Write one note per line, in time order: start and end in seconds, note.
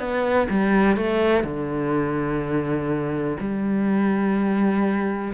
0.00 0.48 B3
0.50 0.97 G3
0.97 1.44 A3
1.44 3.38 D3
3.40 5.34 G3